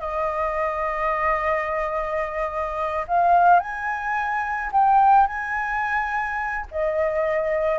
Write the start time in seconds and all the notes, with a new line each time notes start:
0.00 D#5
3.07 F5
3.60 G#5
4.72 G5
5.27 G#5
6.71 D#5